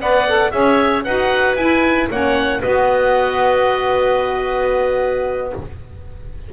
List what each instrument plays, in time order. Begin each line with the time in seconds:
0.00 double bass B3, saxophone B4, clarinet D5, oboe F#5
0.27 saxophone A4
0.50 double bass C#4, saxophone G#4, clarinet C#5, oboe E5
1.04 double bass D#4, saxophone F#4, clarinet B4, oboe F#5
1.56 double bass E4, saxophone E4, oboe G#5
2.10 double bass A#3, saxophone C#4, clarinet C#5, oboe F#5
2.61 double bass B3, saxophone F#4, clarinet B4, oboe D#5